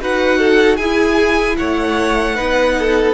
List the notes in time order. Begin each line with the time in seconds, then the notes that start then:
0.00 D#4 F#4 B4 F#5
0.39 A4
0.77 E4 G#4 G#5
1.57 A3 C#5 F#5
2.35 B3 D#4 B4
2.79 A4